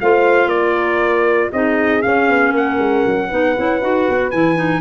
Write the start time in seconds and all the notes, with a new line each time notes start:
0.00 A3 F4 C5 F5
0.46 A#3 A#4 D5
1.52 C4 D#4 G#4 D#5
2.02 C#4 F5
2.28 B3
2.52 A#3 A#4 F#5
2.78 G#3
3.06 F#3
3.28 B3 D#4 B4
3.57 C#4 E4
3.80 D#4 F#4
4.09 B3
4.31 E3 E4 G#5
4.55 D#4